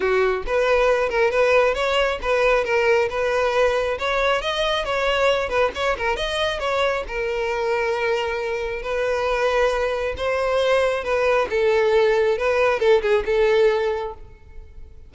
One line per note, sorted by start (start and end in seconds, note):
0.00 0.43 F#4
0.46 1.09 B4
1.09 1.31 A#4
1.31 1.74 B4
1.74 2.18 C#5
2.21 2.64 B4
2.64 3.08 A#4
3.09 3.97 B4
3.98 4.41 C#5
4.41 4.84 D#5
4.84 5.49 C#5
5.49 5.71 B4
5.75 5.97 C#5
5.97 6.16 A#4
6.16 6.59 D#5
6.59 7.03 C#5
7.07 8.82 A#4
8.82 10.15 B4
10.17 11.04 C5
11.04 11.48 B4
11.50 12.37 A4
12.37 12.79 B4
12.79 13.01 A4
13.01 13.24 G#4
13.25 14.14 A4